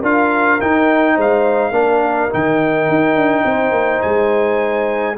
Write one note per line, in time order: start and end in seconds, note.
0.00 0.60 D4
0.00 0.60 F4
0.00 1.14 A#4
0.00 0.61 F5
0.61 1.72 D#4
0.61 1.17 D#4
0.61 1.18 G5
1.14 1.72 G#3
1.14 1.72 C5
1.21 2.34 F5
1.72 2.29 A#3
1.72 2.30 D4
1.72 3.45 A#4
2.30 2.89 D#3
2.30 5.16 D#4
2.30 4.02 G5
2.89 3.16 D#4
3.16 3.44 D4
3.45 3.71 C4
3.45 5.16 C5
3.71 4.00 A#3
4.02 5.18 G#3
4.02 5.16 G#5